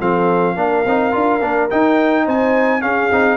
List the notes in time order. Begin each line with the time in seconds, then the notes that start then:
0.00 F3 C4 A4 F5
0.55 A#3 D4 A#4
0.86 C4 D#4
1.12 D4 F4
1.41 A#3 D4
1.70 D#4 G5
2.24 C4 C5 G#5
2.81 C#4 G#4 F5
3.12 C4 D#4